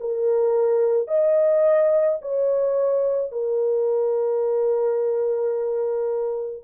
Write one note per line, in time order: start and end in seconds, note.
0.00 1.08 A#4
1.08 2.19 D#5
2.22 3.32 C#5
3.32 6.64 A#4